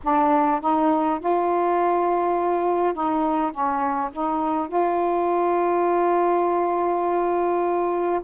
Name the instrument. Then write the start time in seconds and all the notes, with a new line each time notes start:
saxophone
0.03 D4
0.60 D#4
1.19 F4
2.94 D#4
3.51 C#4
4.12 D#4
4.67 F4